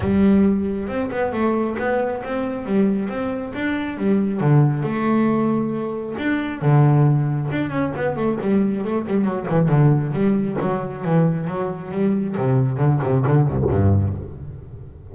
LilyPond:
\new Staff \with { instrumentName = "double bass" } { \time 4/4 \tempo 4 = 136 g2 c'8 b8 a4 | b4 c'4 g4 c'4 | d'4 g4 d4 a4~ | a2 d'4 d4~ |
d4 d'8 cis'8 b8 a8 g4 | a8 g8 fis8 e8 d4 g4 | fis4 e4 fis4 g4 | c4 d8 c8 d8 c,8 g,4 | }